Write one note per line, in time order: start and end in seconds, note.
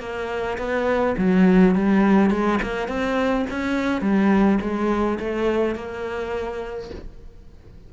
0.00 0.58 A#3
0.58 1.16 B3
1.17 1.75 F#3
1.75 2.30 G3
2.30 2.59 G#3
2.62 2.88 A#3
2.88 3.46 C4
3.50 4.01 C#4
4.01 4.59 G3
4.61 5.19 G#3
5.20 5.75 A3
5.75 6.90 A#3